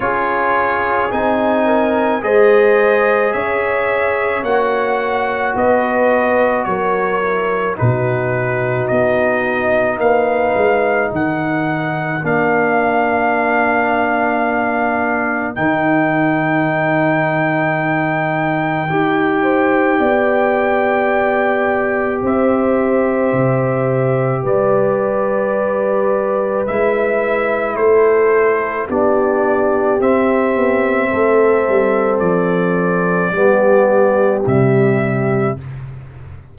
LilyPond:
<<
  \new Staff \with { instrumentName = "trumpet" } { \time 4/4 \tempo 4 = 54 cis''4 gis''4 dis''4 e''4 | fis''4 dis''4 cis''4 b'4 | dis''4 f''4 fis''4 f''4~ | f''2 g''2~ |
g''1 | e''2 d''2 | e''4 c''4 d''4 e''4~ | e''4 d''2 e''4 | }
  \new Staff \with { instrumentName = "horn" } { \time 4/4 gis'4. ais'8 c''4 cis''4~ | cis''4 b'4 ais'4 fis'4~ | fis'4 b'4 ais'2~ | ais'1~ |
ais'4. c''8 d''2 | c''2 b'2~ | b'4 a'4 g'2 | a'2 g'2 | }
  \new Staff \with { instrumentName = "trombone" } { \time 4/4 f'4 dis'4 gis'2 | fis'2~ fis'8 e'8 dis'4~ | dis'2. d'4~ | d'2 dis'2~ |
dis'4 g'2.~ | g'1 | e'2 d'4 c'4~ | c'2 b4 g4 | }
  \new Staff \with { instrumentName = "tuba" } { \time 4/4 cis'4 c'4 gis4 cis'4 | ais4 b4 fis4 b,4 | b4 ais8 gis8 dis4 ais4~ | ais2 dis2~ |
dis4 dis'4 b2 | c'4 c4 g2 | gis4 a4 b4 c'8 b8 | a8 g8 f4 g4 c4 | }
>>